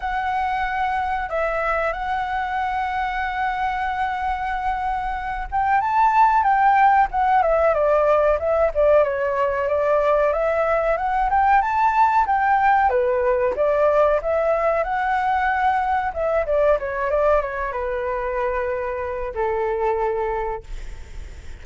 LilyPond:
\new Staff \with { instrumentName = "flute" } { \time 4/4 \tempo 4 = 93 fis''2 e''4 fis''4~ | fis''1~ | fis''8 g''8 a''4 g''4 fis''8 e''8 | d''4 e''8 d''8 cis''4 d''4 |
e''4 fis''8 g''8 a''4 g''4 | b'4 d''4 e''4 fis''4~ | fis''4 e''8 d''8 cis''8 d''8 cis''8 b'8~ | b'2 a'2 | }